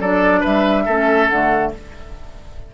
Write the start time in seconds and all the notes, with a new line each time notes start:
0.00 F#3 D4 A4 D5
0.40 G3 B4 E5
0.85 A3 C#4 A4
1.28 D3 A3 F#5